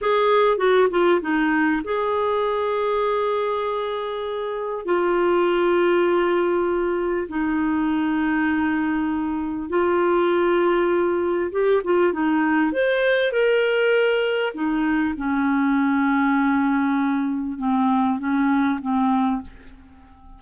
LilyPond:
\new Staff \with { instrumentName = "clarinet" } { \time 4/4 \tempo 4 = 99 gis'4 fis'8 f'8 dis'4 gis'4~ | gis'1 | f'1 | dis'1 |
f'2. g'8 f'8 | dis'4 c''4 ais'2 | dis'4 cis'2.~ | cis'4 c'4 cis'4 c'4 | }